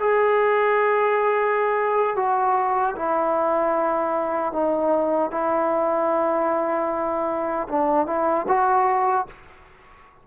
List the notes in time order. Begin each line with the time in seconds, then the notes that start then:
0.00 G#4
2.16 F#4
2.96 E4
4.53 D#4
5.31 E4
7.69 D4
8.07 E4
8.48 F#4